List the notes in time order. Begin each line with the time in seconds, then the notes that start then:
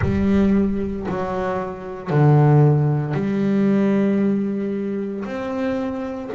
0.01 G3
1.08 F#3
2.10 D3
3.13 G3
5.24 C4